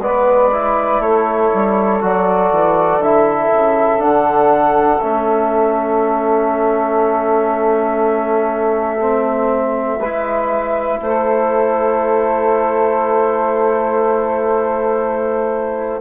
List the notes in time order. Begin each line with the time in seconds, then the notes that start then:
0.00 G#3 B3 B4 D5
0.53 E4
1.00 A3 A4 C#5
1.54 G3
2.02 F#3 F#4 D5
2.53 E3
2.99 D3 E4 E5
3.53 C#3
3.99 D3 D4 F#5
5.01 A3 C#4 E5
9.00 C4
9.99 G#3 E4 B4
11.02 A3 A4 C5